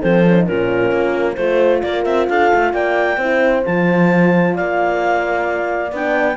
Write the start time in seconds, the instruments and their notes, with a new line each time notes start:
0.00 cello F3, horn C4 A4, clarinet C5
0.27 horn C#4
0.37 horn D#4
0.45 cello A#2, horn C#4 F4, clarinet A#4
0.91 cello A#3
1.34 cello A3, horn F4 C5, clarinet C5
1.82 cello A#3, horn A#4, clarinet D5
2.04 cello C4, clarinet E5
2.28 cello D4, horn A4, clarinet F5
2.53 cello A3
2.73 cello A#3, horn D5, clarinet G5
3.17 cello C4, horn E4 C5
3.63 cello F3, horn F4, clarinet A5
4.55 cello A#3, horn D5, clarinet F5
5.91 cello B3, horn D4, clarinet G5